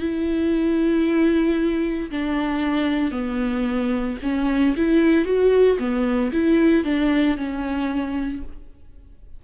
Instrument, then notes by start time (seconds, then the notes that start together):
viola
0.00 E4
2.11 D4
3.12 B3
4.23 C#4
4.77 E4
5.25 F#4
5.79 B3
6.33 E4
6.85 D4
7.37 C#4